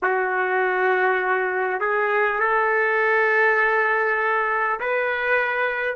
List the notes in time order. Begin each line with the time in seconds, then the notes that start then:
0.02 F#4
1.80 G#4
2.39 A4
4.79 B4